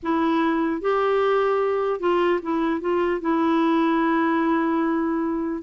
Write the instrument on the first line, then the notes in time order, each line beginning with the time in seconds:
clarinet
0.02 E4
0.81 G4
2.00 F4
2.42 E4
2.80 F4
3.20 E4